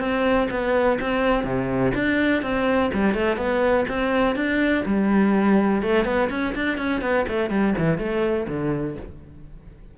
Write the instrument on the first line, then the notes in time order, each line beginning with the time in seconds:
cello
0.00 C4
0.51 B3
1.01 C4
1.45 C3
1.95 D4
2.43 C4
2.94 G3
3.14 A3
3.37 B3
3.89 C4
4.36 D4
4.86 G3
5.83 A3
6.05 B3
6.30 C#4
6.55 D4
6.78 C#4
7.02 B3
7.28 A3
7.50 G3
7.78 E3
7.99 A3
8.49 D3